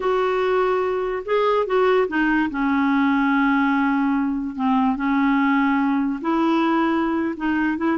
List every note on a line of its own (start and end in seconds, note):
0.00 1.23 F#4
1.25 1.66 G#4
1.66 2.07 F#4
2.08 2.49 D#4
2.50 4.55 C#4
4.55 4.96 C4
4.96 6.20 C#4
6.21 7.34 E4
7.37 7.77 D#4
7.77 7.97 E4